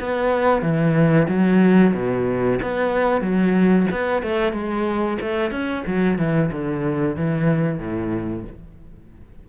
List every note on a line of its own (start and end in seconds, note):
0.00 0.63 B3
0.63 1.28 E3
1.28 1.94 F#3
1.94 2.59 B2
2.62 3.22 B3
3.22 3.87 F#3
3.92 4.23 B3
4.23 4.53 A3
4.53 5.18 G#3
5.22 5.51 A3
5.51 5.84 C#4
5.87 6.18 F#3
6.18 6.51 E3
6.52 7.17 D3
7.17 7.79 E3
7.79 8.44 A2